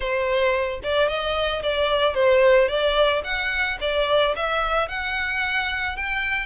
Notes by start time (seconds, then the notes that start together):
0.00 C5
0.83 D5
1.08 D#5
1.62 D5
2.14 C5
2.68 D5
3.24 F#5
3.80 D5
4.36 E5
4.88 F#5
5.96 G5